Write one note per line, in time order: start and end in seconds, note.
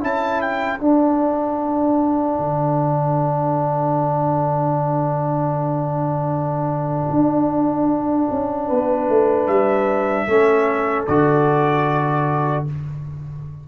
0.00 0.81 C#4
0.00 0.79 E4
0.00 8.67 A4
0.00 0.41 A5
0.41 0.78 G5
0.78 2.38 D4
0.78 10.28 D4
0.78 9.46 F#5
2.39 7.09 D3
7.09 8.28 D4
8.31 8.70 C#4
8.67 9.08 B3
8.67 10.25 B4
9.08 9.48 A3
9.47 10.26 G3
9.47 11.05 E5
10.27 11.06 A3
10.27 11.07 C#4
10.27 12.68 A4
11.06 12.66 D3
11.06 12.67 F#4
11.06 12.64 D5